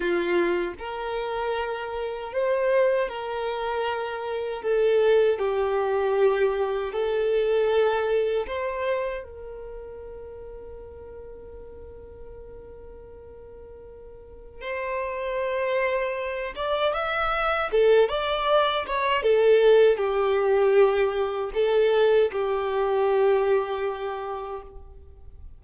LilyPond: \new Staff \with { instrumentName = "violin" } { \time 4/4 \tempo 4 = 78 f'4 ais'2 c''4 | ais'2 a'4 g'4~ | g'4 a'2 c''4 | ais'1~ |
ais'2. c''4~ | c''4. d''8 e''4 a'8 d''8~ | d''8 cis''8 a'4 g'2 | a'4 g'2. | }